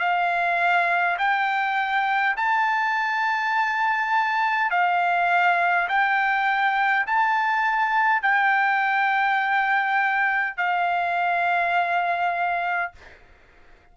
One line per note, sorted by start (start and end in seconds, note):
0.00 1.18 F5
1.19 2.36 G5
2.37 4.71 A5
4.71 5.89 F5
5.89 7.06 G5
7.07 8.23 A5
8.23 10.57 G5
10.57 12.93 F5